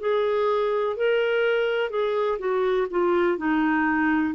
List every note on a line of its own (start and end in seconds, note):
0.00 0.97 G#4
0.97 1.90 A#4
1.90 2.39 G#4
2.39 2.87 F#4
2.91 3.38 F4
3.38 4.35 D#4